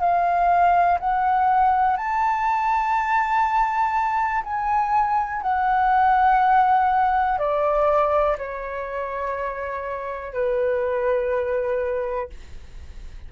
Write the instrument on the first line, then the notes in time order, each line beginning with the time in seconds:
flute
0.00 F5
1.00 F#5
1.97 A5
4.44 G#5
5.42 F#5
7.38 D5
8.38 C#5
10.33 B4